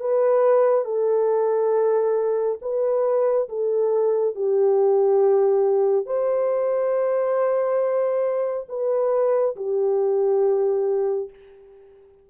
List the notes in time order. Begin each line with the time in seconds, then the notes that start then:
0.00 B4
0.85 A4
2.62 B4
3.49 A4
4.36 G4
6.06 C5
8.69 B4
9.56 G4